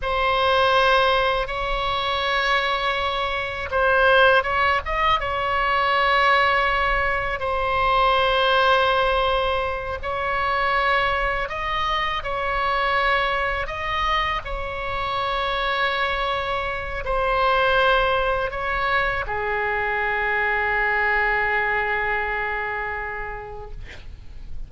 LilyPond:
\new Staff \with { instrumentName = "oboe" } { \time 4/4 \tempo 4 = 81 c''2 cis''2~ | cis''4 c''4 cis''8 dis''8 cis''4~ | cis''2 c''2~ | c''4. cis''2 dis''8~ |
dis''8 cis''2 dis''4 cis''8~ | cis''2. c''4~ | c''4 cis''4 gis'2~ | gis'1 | }